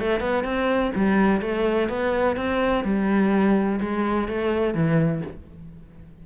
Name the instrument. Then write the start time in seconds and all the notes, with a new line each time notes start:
cello
0.00 A3
0.21 B3
0.45 C4
0.95 G3
1.42 A3
1.89 B3
2.37 C4
2.84 G3
3.81 G#3
4.29 A3
4.74 E3